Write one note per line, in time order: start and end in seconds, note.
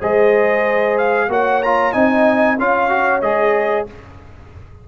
0.00 1.29 G#3
0.00 1.30 G#4
0.00 1.29 C5
0.00 0.98 D#5
0.98 1.30 F5
1.29 1.93 A#3
1.29 1.62 F#4
1.29 1.95 C#5
1.29 1.62 F#5
1.62 1.93 F4
1.62 1.93 A#5
1.93 2.59 C4
1.93 2.57 D#4
1.93 2.59 D#5
1.93 2.57 G#5
2.59 3.22 C#4
2.59 2.90 F4
2.59 3.88 C#5
2.59 3.21 F5
2.90 3.22 F#4
3.21 3.87 G#3
3.21 3.87 G#4
3.21 3.86 D#5